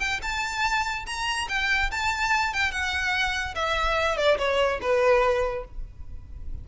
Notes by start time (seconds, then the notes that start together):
0.00 G5
0.23 A5
1.06 A#5
1.49 G5
1.91 A5
2.54 G5
2.72 F#5
3.55 E5
4.17 D5
4.38 C#5
4.81 B4